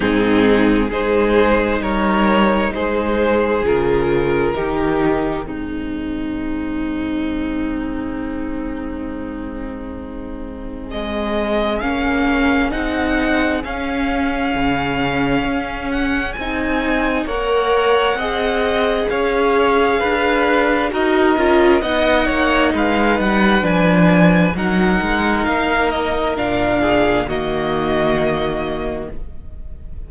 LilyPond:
<<
  \new Staff \with { instrumentName = "violin" } { \time 4/4 \tempo 4 = 66 gis'4 c''4 cis''4 c''4 | ais'2 gis'2~ | gis'1 | dis''4 f''4 fis''4 f''4~ |
f''4. fis''8 gis''4 fis''4~ | fis''4 f''2 dis''4 | fis''4 f''8 fis''8 gis''4 fis''4 | f''8 dis''8 f''4 dis''2 | }
  \new Staff \with { instrumentName = "violin" } { \time 4/4 dis'4 gis'4 ais'4 gis'4~ | gis'4 g'4 dis'2~ | dis'1 | gis'1~ |
gis'2. cis''4 | dis''4 cis''4 b'4 ais'4 | dis''8 cis''8 b'2 ais'4~ | ais'4. gis'8 fis'2 | }
  \new Staff \with { instrumentName = "viola" } { \time 4/4 c'4 dis'2. | f'4 dis'4 c'2~ | c'1~ | c'4 cis'4 dis'4 cis'4~ |
cis'2 dis'4 ais'4 | gis'2. fis'8 f'8 | dis'2 d'4 dis'4~ | dis'4 d'4 ais2 | }
  \new Staff \with { instrumentName = "cello" } { \time 4/4 gis,4 gis4 g4 gis4 | cis4 dis4 gis,2~ | gis,1 | gis4 ais4 c'4 cis'4 |
cis4 cis'4 c'4 ais4 | c'4 cis'4 d'4 dis'8 cis'8 | b8 ais8 gis8 g8 f4 fis8 gis8 | ais4 ais,4 dis2 | }
>>